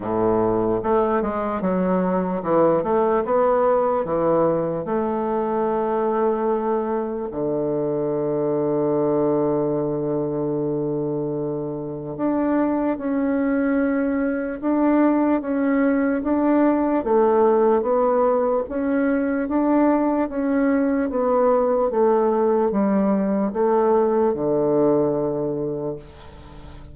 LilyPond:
\new Staff \with { instrumentName = "bassoon" } { \time 4/4 \tempo 4 = 74 a,4 a8 gis8 fis4 e8 a8 | b4 e4 a2~ | a4 d2.~ | d2. d'4 |
cis'2 d'4 cis'4 | d'4 a4 b4 cis'4 | d'4 cis'4 b4 a4 | g4 a4 d2 | }